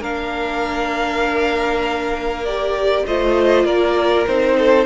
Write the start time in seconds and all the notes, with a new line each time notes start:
0.00 A#3 D4 A#4 F5
2.45 G4 D5
3.06 A3 F4 C5 D#5
3.64 A#3 A#4 D5
4.26 C4 D#4 C5
4.58 A4